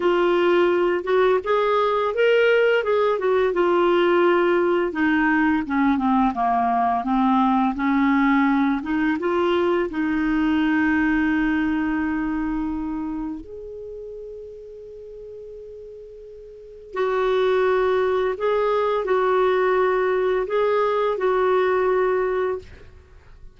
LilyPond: \new Staff \with { instrumentName = "clarinet" } { \time 4/4 \tempo 4 = 85 f'4. fis'8 gis'4 ais'4 | gis'8 fis'8 f'2 dis'4 | cis'8 c'8 ais4 c'4 cis'4~ | cis'8 dis'8 f'4 dis'2~ |
dis'2. gis'4~ | gis'1 | fis'2 gis'4 fis'4~ | fis'4 gis'4 fis'2 | }